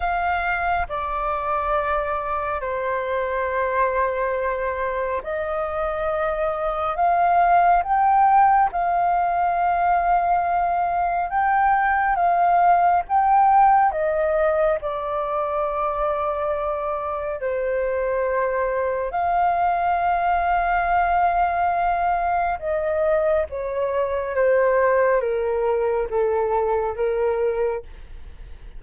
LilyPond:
\new Staff \with { instrumentName = "flute" } { \time 4/4 \tempo 4 = 69 f''4 d''2 c''4~ | c''2 dis''2 | f''4 g''4 f''2~ | f''4 g''4 f''4 g''4 |
dis''4 d''2. | c''2 f''2~ | f''2 dis''4 cis''4 | c''4 ais'4 a'4 ais'4 | }